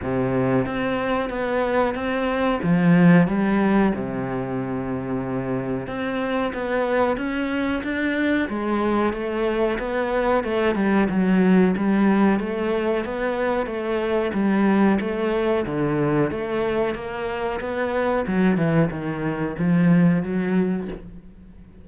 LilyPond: \new Staff \with { instrumentName = "cello" } { \time 4/4 \tempo 4 = 92 c4 c'4 b4 c'4 | f4 g4 c2~ | c4 c'4 b4 cis'4 | d'4 gis4 a4 b4 |
a8 g8 fis4 g4 a4 | b4 a4 g4 a4 | d4 a4 ais4 b4 | fis8 e8 dis4 f4 fis4 | }